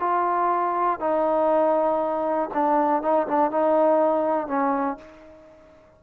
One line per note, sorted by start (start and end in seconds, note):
0.00 1.00 F4
1.00 2.50 D#4
2.54 3.02 D4
3.02 3.27 D#4
3.28 3.51 D4
3.51 4.47 D#4
4.47 4.97 C#4